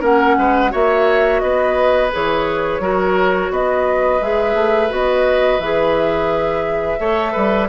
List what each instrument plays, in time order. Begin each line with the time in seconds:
0.00 bassoon A#3, clarinet C#4, oboe A#4, flute F#5
0.37 bassoon G#3, oboe B4
0.70 bassoon A#3, clarinet F#4, oboe C#5, flute E5
1.40 bassoon B3, oboe B4, flute D#5
2.12 bassoon E3, clarinet G#4, flute C#5
2.79 bassoon F#3, clarinet F#4, oboe A#4
3.50 bassoon B3, oboe B4, flute D#5
4.21 bassoon G#3, clarinet G#4, flute E5
4.55 bassoon A3
4.89 bassoon B3, clarinet F#4, flute D#5
5.59 bassoon E3, clarinet G#4, flute E5
6.98 bassoon A3, clarinet A4, oboe C#5
7.32 bassoon G3, oboe B4